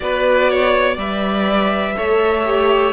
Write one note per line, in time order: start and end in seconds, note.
0.00 0.97 B3
0.00 0.98 F#4
0.00 0.50 B4
0.00 0.97 D5
0.50 0.94 C#5
0.94 1.95 G3
0.94 1.96 B4
0.94 1.93 D5
0.94 2.92 E5
1.96 2.92 A3
1.96 2.44 A4
1.96 2.92 C#5
2.44 2.92 G4